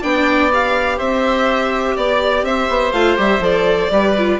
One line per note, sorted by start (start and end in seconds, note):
0.00 1.00 B3
0.00 0.51 D4
0.00 0.97 D5
0.00 0.51 G5
0.51 2.94 G4
0.51 0.99 F5
0.97 1.96 C4
0.97 1.95 C5
0.97 1.96 E5
1.96 2.43 B3
1.96 2.45 D5
1.96 2.46 D5
2.43 2.67 C4
2.43 3.92 C5
2.43 2.92 E5
2.69 2.92 B3
2.92 3.16 A3
2.92 3.16 F4
2.92 3.16 F5
3.16 3.40 G3
3.16 3.40 G4
3.16 3.43 E5
3.40 3.88 F3
3.40 3.90 A4
3.40 4.39 D5
3.91 4.39 G3
3.91 4.16 G4
3.91 4.39 B4
4.18 4.39 F4